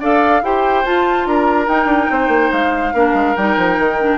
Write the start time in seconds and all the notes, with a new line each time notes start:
0.00 D4 A4 D5 F5
0.42 E4 G4 C5 G5
0.85 F4 A5
1.26 D4 A#4 A#5
1.68 D#4 G5
1.85 D4
2.10 C4 C5
2.28 A#3
2.52 G#3 F5
2.93 A#3 D4 A#4
3.13 G#3
3.36 G3 D#4 G5
3.57 F3
3.79 D#3
3.99 D4